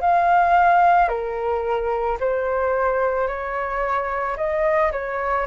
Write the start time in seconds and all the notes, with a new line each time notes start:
0.00 F5
1.08 A#4
2.20 C5
3.27 C#5
4.36 D#5
4.91 C#5